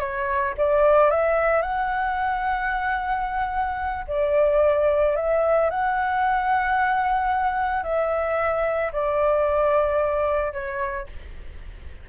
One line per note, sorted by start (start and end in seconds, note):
0.00 0.54 C#5
0.57 1.11 D5
1.11 1.62 E5
1.62 4.05 F#5
4.08 5.16 D5
5.16 5.70 E5
5.71 7.84 F#5
7.84 8.92 E5
8.93 10.53 D5
10.53 11.07 C#5